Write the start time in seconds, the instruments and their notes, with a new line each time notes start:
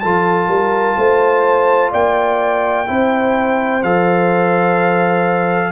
0.00 tuba F3, trombone F4, horn A4, trumpet A5
0.48 tuba G3, horn A#4
0.97 tuba A3, horn C5
1.92 tuba A#3, horn D5, trumpet G5
2.87 tuba C4, trombone E4, horn C5
3.83 tuba F3, trombone A4, trumpet F5